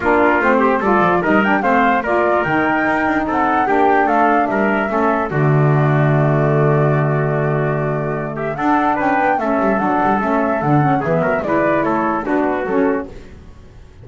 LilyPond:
<<
  \new Staff \with { instrumentName = "flute" } { \time 4/4 \tempo 4 = 147 ais'4 c''4 d''4 dis''8 g''8 | f''4 d''4 g''2 | fis''4 g''4 f''4 e''4~ | e''4 d''2.~ |
d''1~ | d''8 e''8 fis''4 g''4 e''4 | fis''4 e''4 fis''4 e''4 | d''4 cis''4 b'4 a'4 | }
  \new Staff \with { instrumentName = "trumpet" } { \time 4/4 f'4. g'8 a'4 ais'4 | c''4 ais'2. | a'4 g'4 a'4 ais'4 | a'4 fis'2.~ |
fis'1~ | fis'8 g'8 a'4 b'4 a'4~ | a'2. gis'8 ais'8 | b'4 a'4 fis'2 | }
  \new Staff \with { instrumentName = "saxophone" } { \time 4/4 d'4 c'4 f'4 dis'8 d'8 | c'4 f'4 dis'2~ | dis'4 d'2. | cis'4 a2.~ |
a1~ | a4 d'2 cis'4 | d'4 cis'4 d'8 cis'8 b4 | e'2 d'4 cis'4 | }
  \new Staff \with { instrumentName = "double bass" } { \time 4/4 ais4 a4 g8 f8 g4 | a4 ais4 dis4 dis'8 d'8 | c'4 ais4 a4 g4 | a4 d2.~ |
d1~ | d4 d'4 cis'8 b8 a8 g8 | fis8 g8 a4 d4 e8 fis8 | gis4 a4 b4 fis4 | }
>>